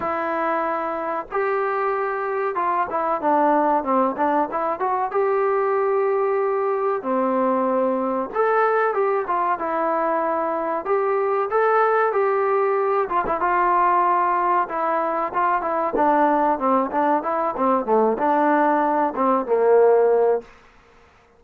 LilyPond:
\new Staff \with { instrumentName = "trombone" } { \time 4/4 \tempo 4 = 94 e'2 g'2 | f'8 e'8 d'4 c'8 d'8 e'8 fis'8 | g'2. c'4~ | c'4 a'4 g'8 f'8 e'4~ |
e'4 g'4 a'4 g'4~ | g'8 f'16 e'16 f'2 e'4 | f'8 e'8 d'4 c'8 d'8 e'8 c'8 | a8 d'4. c'8 ais4. | }